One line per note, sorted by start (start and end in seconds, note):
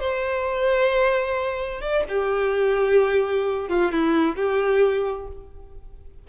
0.00 1.81 C5
1.81 2.04 D5
2.09 3.69 G4
3.69 3.92 F4
3.92 4.36 E4
4.36 5.28 G4